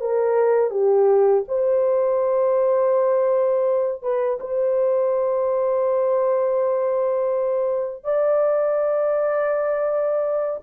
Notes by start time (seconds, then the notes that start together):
0.00 A#4
0.70 G4
1.48 C5
4.02 B4
4.40 C5
8.04 D5